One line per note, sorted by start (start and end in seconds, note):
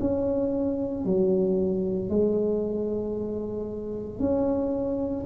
0.00 1.05 C#4
1.05 2.10 F#3
2.10 4.20 G#3
4.20 5.25 C#4